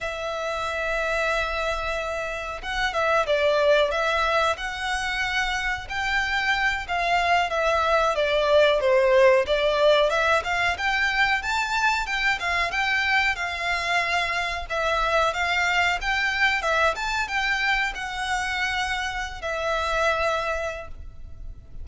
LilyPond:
\new Staff \with { instrumentName = "violin" } { \time 4/4 \tempo 4 = 92 e''1 | fis''8 e''8 d''4 e''4 fis''4~ | fis''4 g''4. f''4 e''8~ | e''8 d''4 c''4 d''4 e''8 |
f''8 g''4 a''4 g''8 f''8 g''8~ | g''8 f''2 e''4 f''8~ | f''8 g''4 e''8 a''8 g''4 fis''8~ | fis''4.~ fis''16 e''2~ e''16 | }